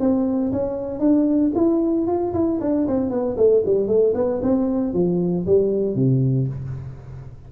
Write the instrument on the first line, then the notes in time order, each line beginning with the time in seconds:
tuba
0.00 C4
0.52 C#4
1.00 D4
1.55 E4
2.07 F4
2.34 E4
2.61 D4
2.87 C4
3.10 B3
3.37 A3
3.66 G3
3.88 A3
4.15 B3
4.43 C4
4.94 F3
5.47 G3
5.95 C3